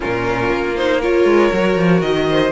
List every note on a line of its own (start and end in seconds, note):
0.00 0.49 A#2
0.00 0.74 C#4
0.00 0.97 F4
0.00 0.76 A#4
0.49 1.24 A#3
0.76 1.02 D#4
0.76 1.01 C5
1.00 1.52 F4
1.00 2.26 A#4
1.00 2.01 C#5
1.24 1.50 G#3
1.52 1.76 F#3
1.52 2.51 F#4
1.76 2.01 F3
2.01 2.51 D#3
2.01 2.51 D#5
2.30 2.51 C5